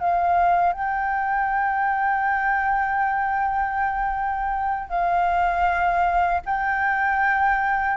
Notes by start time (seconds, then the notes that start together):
0.00 F5
0.73 G5
4.90 F5
6.46 G5